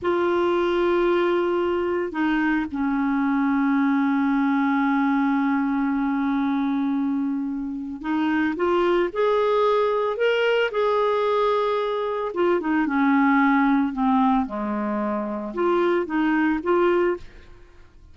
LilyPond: \new Staff \with { instrumentName = "clarinet" } { \time 4/4 \tempo 4 = 112 f'1 | dis'4 cis'2.~ | cis'1~ | cis'2. dis'4 |
f'4 gis'2 ais'4 | gis'2. f'8 dis'8 | cis'2 c'4 gis4~ | gis4 f'4 dis'4 f'4 | }